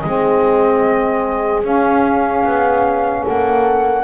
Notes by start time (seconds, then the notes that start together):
0.00 G#3 C4 G#4 D#5
1.62 C#4 F5
2.44 B3
3.23 A#3 A4 F#5